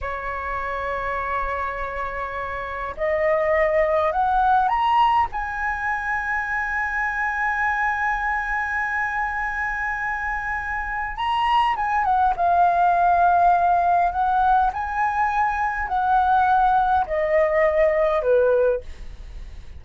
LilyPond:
\new Staff \with { instrumentName = "flute" } { \time 4/4 \tempo 4 = 102 cis''1~ | cis''4 dis''2 fis''4 | ais''4 gis''2.~ | gis''1~ |
gis''2. ais''4 | gis''8 fis''8 f''2. | fis''4 gis''2 fis''4~ | fis''4 dis''2 b'4 | }